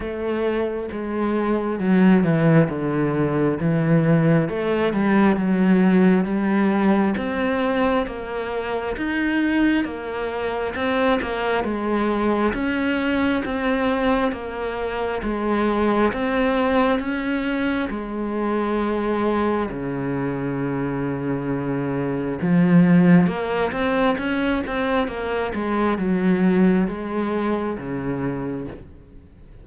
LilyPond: \new Staff \with { instrumentName = "cello" } { \time 4/4 \tempo 4 = 67 a4 gis4 fis8 e8 d4 | e4 a8 g8 fis4 g4 | c'4 ais4 dis'4 ais4 | c'8 ais8 gis4 cis'4 c'4 |
ais4 gis4 c'4 cis'4 | gis2 cis2~ | cis4 f4 ais8 c'8 cis'8 c'8 | ais8 gis8 fis4 gis4 cis4 | }